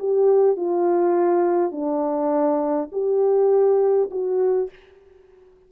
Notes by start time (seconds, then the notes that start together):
0.00 G4
0.57 F4
1.72 D4
2.93 G4
4.11 F#4